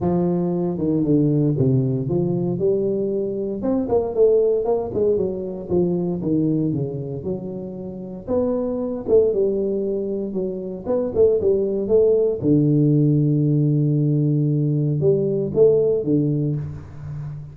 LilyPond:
\new Staff \with { instrumentName = "tuba" } { \time 4/4 \tempo 4 = 116 f4. dis8 d4 c4 | f4 g2 c'8 ais8 | a4 ais8 gis8 fis4 f4 | dis4 cis4 fis2 |
b4. a8 g2 | fis4 b8 a8 g4 a4 | d1~ | d4 g4 a4 d4 | }